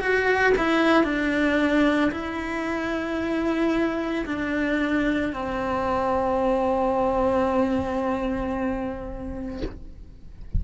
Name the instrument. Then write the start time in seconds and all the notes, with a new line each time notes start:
cello
0.00 F#4
0.57 E4
1.04 D4
2.12 E4
4.26 D4
5.33 C4